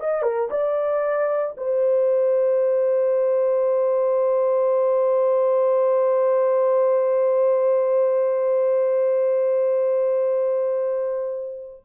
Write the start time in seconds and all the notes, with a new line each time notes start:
0.00 D#5
0.22 A#4
0.50 D5
1.57 C5